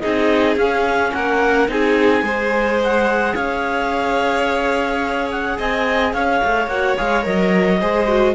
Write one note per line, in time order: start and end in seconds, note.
0.00 0.56 C4
0.00 0.57 D#4
0.00 1.13 G#4
0.00 0.56 D#5
0.56 1.12 C#4
0.56 1.69 C#4
0.56 1.13 F5
1.13 1.68 A#3
1.13 1.71 A#4
1.13 1.69 F#5
1.68 2.23 C4
1.68 2.23 D#4
1.68 2.25 G#4
1.68 2.81 G#5
2.23 3.34 G#3
2.23 6.68 G#4
2.23 3.35 C5
2.84 3.35 F#5
3.35 5.59 C#4
3.35 5.57 C#5
3.35 5.30 F5
5.31 5.59 F#5
5.58 6.13 C4
5.58 6.14 D#5
5.58 6.14 G#5
6.13 6.41 C#4
6.13 7.80 C#5
6.13 6.68 F5
6.45 6.67 A3
6.67 6.95 A#3
6.67 6.98 F#4
6.67 6.96 F#5
6.97 7.26 G#3
6.97 7.23 G#4
6.97 7.25 F5
7.23 7.82 F#3
7.23 7.79 A#4
7.23 8.36 D#5
7.80 8.36 G#3
7.80 8.08 G#4
7.80 8.36 C5
8.08 8.36 F#4